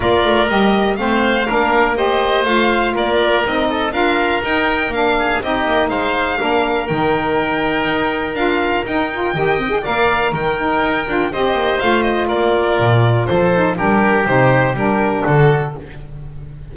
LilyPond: <<
  \new Staff \with { instrumentName = "violin" } { \time 4/4 \tempo 4 = 122 d''4 dis''4 f''2 | dis''4 f''4 d''4 dis''4 | f''4 g''4 f''4 dis''4 | f''2 g''2~ |
g''4 f''4 g''2 | f''4 g''2 dis''4 | f''8 dis''8 d''2 c''4 | ais'4 c''4 ais'4 a'4 | }
  \new Staff \with { instrumentName = "oboe" } { \time 4/4 ais'2 c''4 ais'4 | c''2 ais'4. a'8 | ais'2~ ais'8 gis'8 g'4 | c''4 ais'2.~ |
ais'2. dis''4 | d''4 ais'2 c''4~ | c''4 ais'2 a'4 | g'2. fis'4 | }
  \new Staff \with { instrumentName = "saxophone" } { \time 4/4 f'4 g'4 c'4 d'4 | g'4 f'2 dis'4 | f'4 dis'4 d'4 dis'4~ | dis'4 d'4 dis'2~ |
dis'4 f'4 dis'8 f'8 g'8 c'16 gis'16 | ais'4. dis'4 f'8 g'4 | f'2.~ f'8 dis'8 | d'4 dis'4 d'2 | }
  \new Staff \with { instrumentName = "double bass" } { \time 4/4 ais8 a8 g4 a4 ais4~ | ais4 a4 ais4 c'4 | d'4 dis'4 ais4 c'8 ais8 | gis4 ais4 dis2 |
dis'4 d'4 dis'4 dis4 | ais4 dis4 dis'8 d'8 c'8 ais8 | a4 ais4 ais,4 f4 | g4 c4 g4 d4 | }
>>